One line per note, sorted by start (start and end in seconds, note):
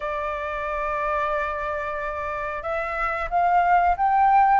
0.00 2.62 D5
2.62 3.28 E5
3.30 3.96 F5
3.97 4.60 G5